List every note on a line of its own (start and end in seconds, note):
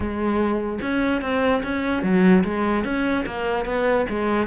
0.00 0.79 G#3
0.81 1.21 C#4
1.21 1.62 C4
1.63 2.03 C#4
2.03 2.43 F#3
2.44 2.84 G#3
2.84 3.25 C#4
3.26 3.65 A#3
3.65 4.05 B3
4.09 4.47 G#3